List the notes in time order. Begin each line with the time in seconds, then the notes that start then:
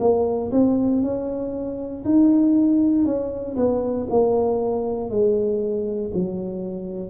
0.00 A#3
0.51 C4
1.02 C#4
2.04 D#4
3.05 C#4
3.56 B3
4.10 A#3
5.09 G#3
6.14 F#3